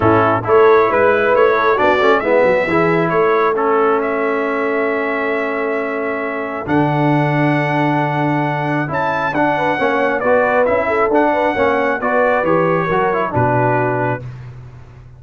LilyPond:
<<
  \new Staff \with { instrumentName = "trumpet" } { \time 4/4 \tempo 4 = 135 a'4 cis''4 b'4 cis''4 | d''4 e''2 cis''4 | a'4 e''2.~ | e''2. fis''4~ |
fis''1 | a''4 fis''2 d''4 | e''4 fis''2 d''4 | cis''2 b'2 | }
  \new Staff \with { instrumentName = "horn" } { \time 4/4 e'4 a'4 b'4. a'8 | fis'4 e'8 fis'8 gis'4 a'4~ | a'1~ | a'1~ |
a'1~ | a'4. b'8 cis''4 b'4~ | b'8 a'4 b'8 cis''4 b'4~ | b'4 ais'4 fis'2 | }
  \new Staff \with { instrumentName = "trombone" } { \time 4/4 cis'4 e'2. | d'8 cis'8 b4 e'2 | cis'1~ | cis'2. d'4~ |
d'1 | e'4 d'4 cis'4 fis'4 | e'4 d'4 cis'4 fis'4 | g'4 fis'8 e'8 d'2 | }
  \new Staff \with { instrumentName = "tuba" } { \time 4/4 a,4 a4 gis4 a4 | b8 a8 gis8 fis8 e4 a4~ | a1~ | a2. d4~ |
d1 | cis'4 d'4 ais4 b4 | cis'4 d'4 ais4 b4 | e4 fis4 b,2 | }
>>